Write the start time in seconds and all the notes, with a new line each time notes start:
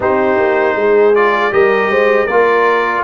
0.00 C4 D#4 G4 C5
0.37 A#3
0.75 G#3 G#4
1.14 F4 D5
1.51 G3 G4 A#4 D#5
1.89 G#3 C5
2.25 A#3 F4 A#4 D5